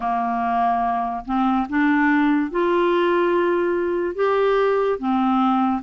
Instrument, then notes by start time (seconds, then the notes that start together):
clarinet
0.00 A#3
1.25 C4
1.69 D4
2.50 F4
4.15 G4
4.98 C4